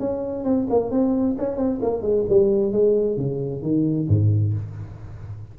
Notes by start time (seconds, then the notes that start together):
0.00 C#4
0.44 C4
0.70 A#3
0.91 C4
1.38 C#4
1.57 C4
1.82 A#3
2.02 G#3
2.29 G3
2.72 G#3
3.17 C#3
3.63 D#3
4.08 G#2